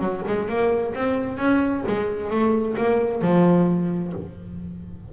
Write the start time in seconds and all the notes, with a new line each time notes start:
0.00 F#3
0.27 G#3
0.49 A#3
0.95 C4
1.38 C#4
1.87 G#3
2.31 A3
2.77 A#3
3.23 F3